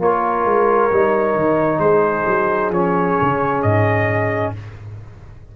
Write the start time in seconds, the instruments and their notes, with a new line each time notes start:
0.00 tuba A#3, trombone F4, horn A#4, trumpet C#5
0.45 tuba G#3
0.91 tuba G3, trombone D#4
1.35 tuba D#3
1.79 tuba G#3, horn G#4, trumpet C5
2.27 tuba F#3
2.70 tuba F3, trombone C#4, trumpet C#5
3.22 tuba C#3
3.63 tuba G#2, trumpet D#5